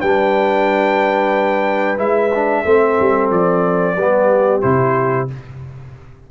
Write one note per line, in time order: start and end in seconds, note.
0.00 1.98 G3
0.00 1.98 D4
0.00 2.64 B4
0.00 1.99 G5
1.98 2.64 G#3
1.98 2.31 E4
1.98 3.31 E5
2.35 2.65 D4
2.65 2.98 A3
2.65 3.97 C4
2.65 3.97 A4
3.00 3.31 G3
3.31 3.96 F3
3.31 4.62 D5
3.96 4.62 G3
3.96 4.62 B3
3.96 5.31 G4
4.62 5.30 C3
4.62 5.28 E4
4.62 5.28 C5